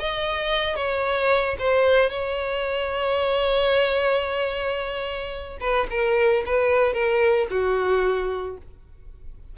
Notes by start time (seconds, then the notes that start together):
0.00 D#5
0.76 C#5
1.59 C5
2.10 C#5
5.61 B4
5.91 A#4
6.46 B4
6.94 A#4
7.51 F#4